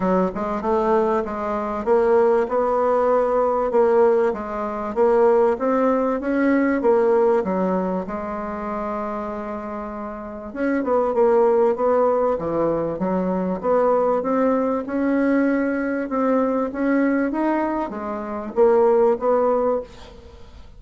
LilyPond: \new Staff \with { instrumentName = "bassoon" } { \time 4/4 \tempo 4 = 97 fis8 gis8 a4 gis4 ais4 | b2 ais4 gis4 | ais4 c'4 cis'4 ais4 | fis4 gis2.~ |
gis4 cis'8 b8 ais4 b4 | e4 fis4 b4 c'4 | cis'2 c'4 cis'4 | dis'4 gis4 ais4 b4 | }